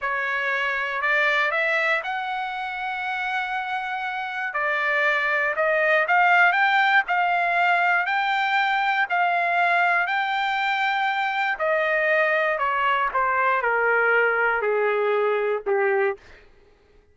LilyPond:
\new Staff \with { instrumentName = "trumpet" } { \time 4/4 \tempo 4 = 119 cis''2 d''4 e''4 | fis''1~ | fis''4 d''2 dis''4 | f''4 g''4 f''2 |
g''2 f''2 | g''2. dis''4~ | dis''4 cis''4 c''4 ais'4~ | ais'4 gis'2 g'4 | }